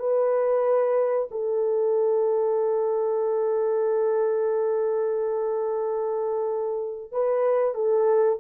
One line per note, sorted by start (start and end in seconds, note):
0.00 1.29 B4
1.31 7.12 A4
7.12 7.75 B4
7.75 8.40 A4